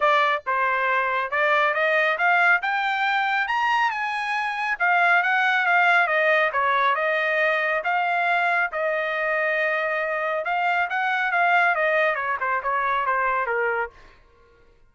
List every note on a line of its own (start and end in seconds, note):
0.00 0.42 D5
0.46 1.30 C5
1.30 1.74 D5
1.74 2.17 D#5
2.18 2.61 F5
2.61 3.47 G5
3.47 3.90 A#5
3.90 4.77 G#5
4.79 5.23 F5
5.23 5.66 F#5
5.66 6.07 F5
6.07 6.50 D#5
6.52 6.95 C#5
6.95 7.82 D#5
7.84 8.71 F5
8.72 10.44 D#5
10.44 10.88 F5
10.89 11.31 F#5
11.31 11.75 F5
11.75 12.15 D#5
12.15 12.37 C#5
12.40 12.62 C5
12.62 13.06 C#5
13.06 13.46 C5
13.46 13.90 A#4